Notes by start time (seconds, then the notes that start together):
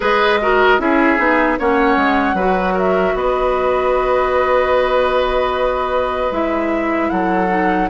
0.00 G#3 G#4 B4 D#5
0.41 F#4 A#4
0.78 C#4 E4 G#4 E5
1.18 B3 D#4
1.58 A#3 C#4 C#5 F#5
1.96 G#3
2.33 F#3 F#4 B4
2.73 A#4 E5
3.14 B3 B4 D#5
6.31 G#3 E4 E5
7.09 F#3 A4 F#5
7.48 D#4